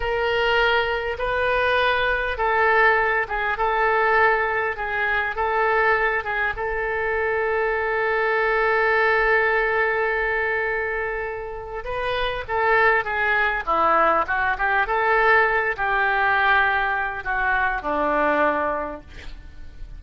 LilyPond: \new Staff \with { instrumentName = "oboe" } { \time 4/4 \tempo 4 = 101 ais'2 b'2 | a'4. gis'8 a'2 | gis'4 a'4. gis'8 a'4~ | a'1~ |
a'1 | b'4 a'4 gis'4 e'4 | fis'8 g'8 a'4. g'4.~ | g'4 fis'4 d'2 | }